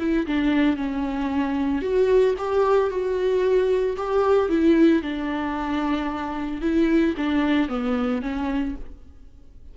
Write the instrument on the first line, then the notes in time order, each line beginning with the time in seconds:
viola
0.00 E4
0.27 D4
0.77 C#4
1.82 F#4
2.39 G4
2.91 F#4
3.98 G4
4.49 E4
5.03 D4
6.62 E4
7.18 D4
7.69 B3
8.22 C#4